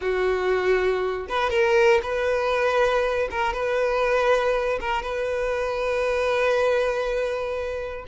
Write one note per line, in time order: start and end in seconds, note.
0.01 1.27 F#4
1.29 1.50 B4
1.50 2.00 A#4
2.02 3.28 B4
3.30 3.53 A#4
3.53 4.79 B4
4.80 5.02 A#4
5.02 8.05 B4